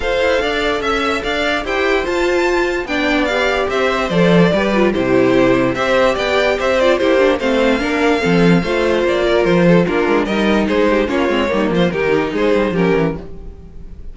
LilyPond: <<
  \new Staff \with { instrumentName = "violin" } { \time 4/4 \tempo 4 = 146 f''2 e''4 f''4 | g''4 a''2 g''4 | f''4 e''4 d''2 | c''2 e''4 g''4 |
e''8 d''8 c''4 f''2~ | f''2 d''4 c''4 | ais'4 dis''4 c''4 cis''4~ | cis''8 c''8 ais'4 c''4 ais'4 | }
  \new Staff \with { instrumentName = "violin" } { \time 4/4 c''4 d''4 e''4 d''4 | c''2. d''4~ | d''4 c''2 b'4 | g'2 c''4 d''4 |
c''4 g'4 c''4 ais'4 | a'4 c''4. ais'4 a'8 | f'4 ais'4 gis'8 g'8 f'4 | dis'8 f'8 g'4 gis'4 g'4 | }
  \new Staff \with { instrumentName = "viola" } { \time 4/4 a'1 | g'4 f'2 d'4 | g'2 a'4 g'8 f'8 | e'2 g'2~ |
g'8 f'8 e'8 d'8 c'4 d'4 | c'4 f'2. | d'4 dis'2 cis'8 c'8 | ais4 dis'2 cis'4 | }
  \new Staff \with { instrumentName = "cello" } { \time 4/4 f'8 e'8 d'4 cis'4 d'4 | e'4 f'2 b4~ | b4 c'4 f4 g4 | c2 c'4 b4 |
c'4 ais4 a4 ais4 | f4 a4 ais4 f4 | ais8 gis8 g4 gis4 ais8 gis8 | g8 f8 dis4 gis8 g8 f8 e8 | }
>>